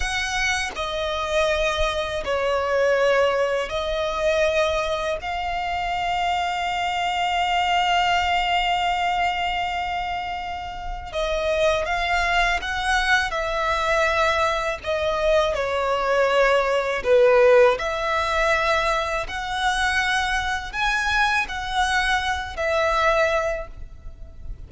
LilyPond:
\new Staff \with { instrumentName = "violin" } { \time 4/4 \tempo 4 = 81 fis''4 dis''2 cis''4~ | cis''4 dis''2 f''4~ | f''1~ | f''2. dis''4 |
f''4 fis''4 e''2 | dis''4 cis''2 b'4 | e''2 fis''2 | gis''4 fis''4. e''4. | }